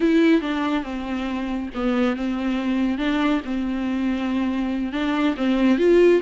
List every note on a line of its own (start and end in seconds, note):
0.00 0.41 E4
0.41 0.83 D4
0.83 1.69 C4
1.74 2.15 B3
2.15 2.98 C4
2.98 3.41 D4
3.45 4.92 C4
4.92 5.35 D4
5.36 5.77 C4
5.77 6.20 F4